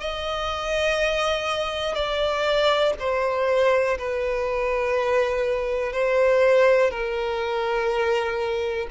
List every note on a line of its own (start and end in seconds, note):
0.00 1.94 D#5
1.94 2.93 D5
2.99 3.97 C5
3.98 5.92 B4
5.92 6.90 C5
6.90 8.87 A#4